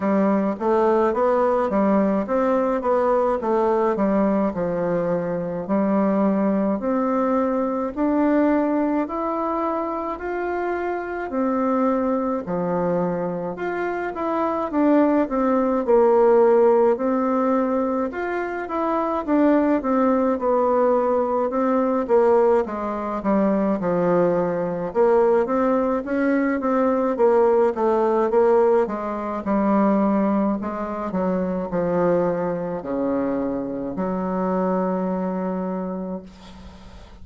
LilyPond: \new Staff \with { instrumentName = "bassoon" } { \time 4/4 \tempo 4 = 53 g8 a8 b8 g8 c'8 b8 a8 g8 | f4 g4 c'4 d'4 | e'4 f'4 c'4 f4 | f'8 e'8 d'8 c'8 ais4 c'4 |
f'8 e'8 d'8 c'8 b4 c'8 ais8 | gis8 g8 f4 ais8 c'8 cis'8 c'8 | ais8 a8 ais8 gis8 g4 gis8 fis8 | f4 cis4 fis2 | }